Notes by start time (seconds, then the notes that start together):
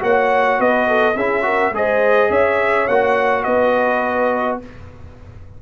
0.00 A#3 F#4 C#5 F#5
0.59 B3 B4 D#5
0.88 A4
1.16 C#4 E4 G#4 E5
1.42 F#4 A#4
1.72 G#3 G#4 C5 D#5
2.30 C#4 C#5 E5
2.88 A#3 F#4 F#5
3.43 B3 B4 D#5